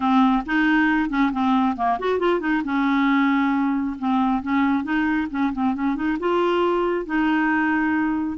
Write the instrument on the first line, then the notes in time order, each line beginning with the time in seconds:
clarinet
0.00 C4
0.45 D#4
1.09 C#4
1.32 C4
1.76 A#3
1.99 F#4
2.19 F4
2.40 D#4
2.64 C#4
3.98 C4
4.42 C#4
4.83 D#4
5.30 C#4
5.52 C4
5.74 C#4
5.95 D#4
6.19 F4
7.05 D#4